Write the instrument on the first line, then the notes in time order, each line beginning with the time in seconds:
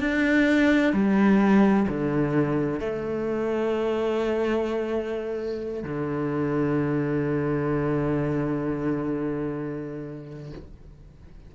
cello
0.00 D4
0.93 G3
1.88 D3
2.80 A3
5.83 D3